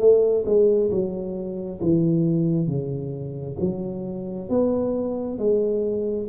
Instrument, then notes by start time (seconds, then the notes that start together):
tuba
0.00 A3
0.46 G#3
0.91 F#3
1.81 E3
2.68 C#3
3.60 F#3
4.49 B3
5.39 G#3